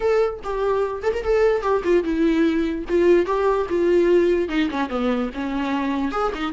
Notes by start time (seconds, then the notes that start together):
0.00 A4
0.43 G4
1.02 A4
1.13 A#4
1.23 A4
1.62 G4
1.83 F4
2.03 E4
2.88 F4
3.26 G4
3.69 F4
4.48 D#4
4.70 C#4
4.89 B3
5.34 C#4
6.11 G#4
6.34 D#4